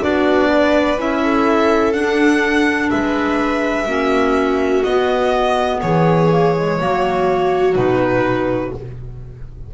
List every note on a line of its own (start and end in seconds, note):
0.00 0.97 B3
0.00 0.98 D4
0.00 0.48 F#4
0.00 1.00 D5
0.49 1.22 B4
0.97 1.94 C#4
0.97 1.93 E4
0.97 1.93 E5
1.23 2.91 A4
1.93 3.87 D4
1.93 2.90 D4
1.93 2.90 F#5
2.91 3.86 G#3
2.91 3.86 B4
2.91 4.83 E5
3.86 4.83 A#3
3.86 4.84 C#4
3.86 5.80 F#4
4.83 5.82 B3
4.83 6.31 B3
4.83 5.80 D#5
5.81 6.80 E3
5.81 6.79 G#4
5.81 7.75 C#5
6.31 6.55 A#3
6.56 6.80 G#3
6.80 7.76 F#3
6.80 7.75 A#3
6.80 8.74 F#4
7.75 8.72 B2
7.75 8.72 D#4
7.75 8.72 B4